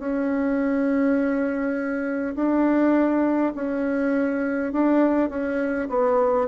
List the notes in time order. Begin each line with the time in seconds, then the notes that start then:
0.00 C#4
2.36 D4
3.55 C#4
4.73 D4
5.30 C#4
5.89 B3